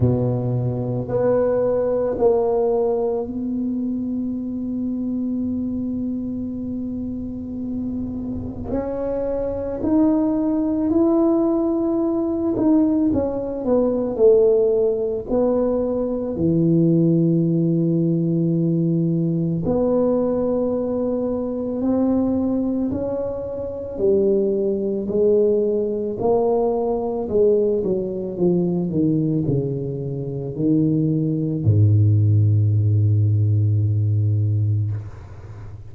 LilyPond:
\new Staff \with { instrumentName = "tuba" } { \time 4/4 \tempo 4 = 55 b,4 b4 ais4 b4~ | b1 | cis'4 dis'4 e'4. dis'8 | cis'8 b8 a4 b4 e4~ |
e2 b2 | c'4 cis'4 g4 gis4 | ais4 gis8 fis8 f8 dis8 cis4 | dis4 gis,2. | }